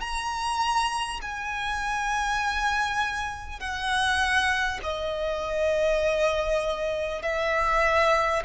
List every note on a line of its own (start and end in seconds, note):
0.00 1.20 A#5
1.21 3.59 G#5
3.59 4.79 F#5
4.83 7.22 D#5
7.22 8.42 E5